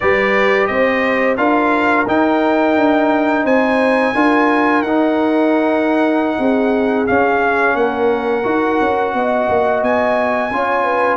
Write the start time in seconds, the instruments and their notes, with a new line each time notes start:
0.00 tuba G3, trombone G4, horn B4, trumpet D5
0.66 tuba C4, horn C5, trumpet D#5
1.37 tuba D4, trombone F4, horn A#4, trumpet F5
2.07 tuba D#4, trombone D#4, trumpet G5
2.76 tuba D4
3.44 tuba C4, horn C5, trumpet G#5
4.14 tuba D4, trombone F4, horn A#4
4.82 tuba D#4, trombone D#4, trumpet F#5
6.38 tuba C4, horn G#4
7.06 trombone C#4, tuba C#4, trumpet F5
7.75 tuba A#3, horn A#4, trumpet F#5
8.43 tuba D#4, trombone F#4
8.80 tuba C#4
9.13 tuba B3, horn D#5
9.49 tuba A#3
9.82 tuba B3, trumpet G#5
10.50 tuba C#4, trombone F4, horn C#5
10.84 horn B4